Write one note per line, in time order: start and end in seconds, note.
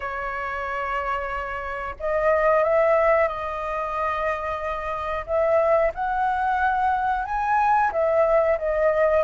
0.00 1.95 C#5
1.99 2.63 D#5
2.63 3.28 E5
3.28 5.25 D#5
5.26 5.92 E5
5.94 7.25 F#5
7.25 7.91 G#5
7.92 8.57 E5
8.58 9.23 D#5